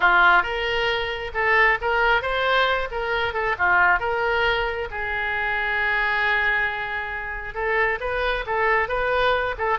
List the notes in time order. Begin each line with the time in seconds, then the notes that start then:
0.00 F4
0.42 A#4
1.33 A4
1.81 A#4
2.21 C5
2.91 A#4
3.33 A4
3.58 F4
3.99 A#4
4.91 G#4
7.54 A4
8.00 B4
8.46 A4
8.88 B4
9.58 A4